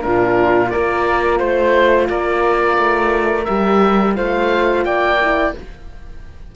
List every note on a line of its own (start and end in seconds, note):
0.00 0.73 A#2
0.00 0.69 D4
0.00 0.71 F4
0.00 0.69 A#4
0.69 1.39 A#3
0.69 3.47 F4
0.69 1.39 A#4
0.69 1.38 D5
1.39 2.08 A3
1.39 2.07 C5
1.39 2.08 C5
2.09 2.77 A#3
2.09 4.16 A#4
2.09 3.44 D5
2.77 3.46 A3
3.44 4.18 G3
3.44 4.14 G4
3.44 4.13 E5
4.14 4.85 A3
4.14 5.18 F4
4.14 4.85 C5
4.14 4.84 F5
4.84 5.54 A#3
4.84 5.54 D5
4.84 5.53 G5
5.21 5.55 E4